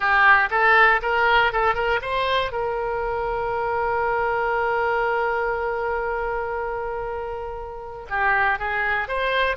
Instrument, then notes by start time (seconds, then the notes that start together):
oboe
0.00 G4
0.50 A4
1.02 A#4
1.52 A4
1.74 A#4
2.01 C5
2.51 A#4
8.09 G4
8.58 G#4
9.08 C5